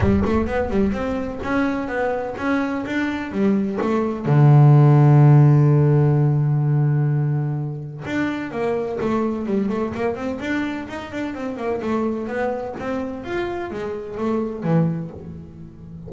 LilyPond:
\new Staff \with { instrumentName = "double bass" } { \time 4/4 \tempo 4 = 127 g8 a8 b8 g8 c'4 cis'4 | b4 cis'4 d'4 g4 | a4 d2.~ | d1~ |
d4 d'4 ais4 a4 | g8 a8 ais8 c'8 d'4 dis'8 d'8 | c'8 ais8 a4 b4 c'4 | f'4 gis4 a4 e4 | }